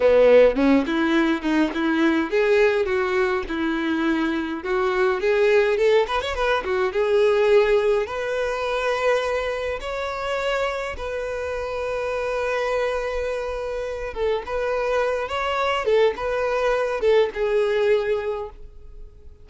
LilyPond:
\new Staff \with { instrumentName = "violin" } { \time 4/4 \tempo 4 = 104 b4 cis'8 e'4 dis'8 e'4 | gis'4 fis'4 e'2 | fis'4 gis'4 a'8 b'16 cis''16 b'8 fis'8 | gis'2 b'2~ |
b'4 cis''2 b'4~ | b'1~ | b'8 a'8 b'4. cis''4 a'8 | b'4. a'8 gis'2 | }